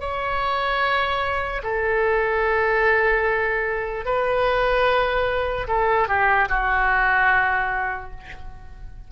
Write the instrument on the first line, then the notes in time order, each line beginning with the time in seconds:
oboe
0.00 C#5
1.64 A4
4.05 B4
5.68 A4
6.08 G4
6.49 F#4